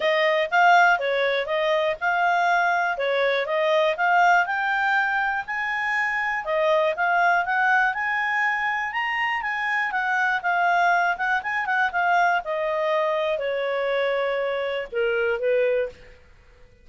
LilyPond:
\new Staff \with { instrumentName = "clarinet" } { \time 4/4 \tempo 4 = 121 dis''4 f''4 cis''4 dis''4 | f''2 cis''4 dis''4 | f''4 g''2 gis''4~ | gis''4 dis''4 f''4 fis''4 |
gis''2 ais''4 gis''4 | fis''4 f''4. fis''8 gis''8 fis''8 | f''4 dis''2 cis''4~ | cis''2 ais'4 b'4 | }